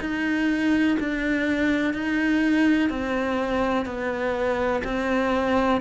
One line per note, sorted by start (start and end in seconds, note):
0.00 0.97 D#4
0.99 1.93 D4
1.93 2.89 D#4
2.89 3.85 C4
3.85 4.82 B3
4.84 5.81 C4